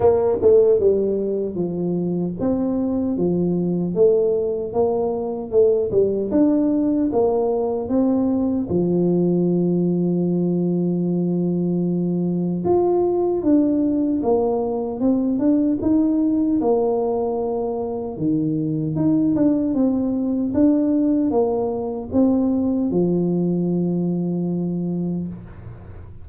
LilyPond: \new Staff \with { instrumentName = "tuba" } { \time 4/4 \tempo 4 = 76 ais8 a8 g4 f4 c'4 | f4 a4 ais4 a8 g8 | d'4 ais4 c'4 f4~ | f1 |
f'4 d'4 ais4 c'8 d'8 | dis'4 ais2 dis4 | dis'8 d'8 c'4 d'4 ais4 | c'4 f2. | }